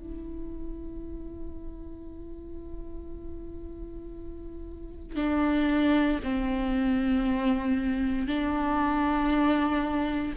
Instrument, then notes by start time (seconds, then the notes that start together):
viola
0.00 E4
5.16 D4
6.24 C4
8.28 D4